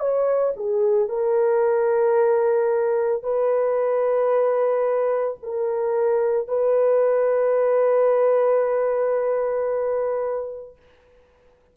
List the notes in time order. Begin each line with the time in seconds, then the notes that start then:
0.00 C#5
0.56 G#4
1.09 A#4
3.23 B4
5.43 A#4
6.48 B4